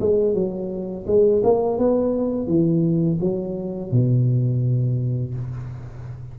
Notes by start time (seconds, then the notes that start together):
0.00 G#3
0.34 F#3
1.06 G#3
1.44 A#3
1.78 B3
2.47 E3
3.21 F#3
3.91 B2